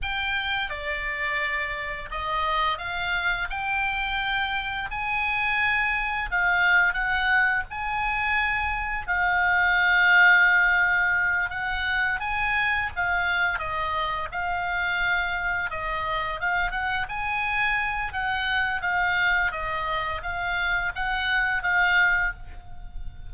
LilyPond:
\new Staff \with { instrumentName = "oboe" } { \time 4/4 \tempo 4 = 86 g''4 d''2 dis''4 | f''4 g''2 gis''4~ | gis''4 f''4 fis''4 gis''4~ | gis''4 f''2.~ |
f''8 fis''4 gis''4 f''4 dis''8~ | dis''8 f''2 dis''4 f''8 | fis''8 gis''4. fis''4 f''4 | dis''4 f''4 fis''4 f''4 | }